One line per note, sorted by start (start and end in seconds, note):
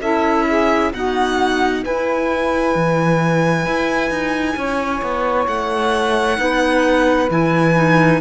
0.00 0.91 C#4
0.00 0.93 E4
0.00 0.45 A4
0.00 0.92 E5
0.46 0.91 G#4
0.93 1.84 B3
0.93 1.85 D#4
0.93 1.83 F#4
0.93 1.84 F#5
1.83 6.36 E4
1.83 2.75 E4
1.83 4.56 B4
1.83 5.47 G#5
2.75 3.66 E3
3.66 4.10 E4
4.10 4.55 D#4
4.56 5.01 C#4
4.56 6.38 C#5
5.01 5.47 B3
5.47 6.38 A3
5.47 7.28 F#5
6.36 7.29 B3
6.36 7.27 D#4
6.36 8.21 B4
7.30 8.21 E3
7.30 7.75 E4
7.30 8.21 G#5
7.75 8.21 D#4